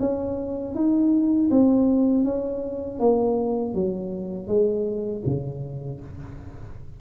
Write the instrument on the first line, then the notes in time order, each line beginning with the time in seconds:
tuba
0.00 C#4
0.75 D#4
1.51 C4
2.25 C#4
3.00 A#3
3.74 F#3
4.48 G#3
5.26 C#3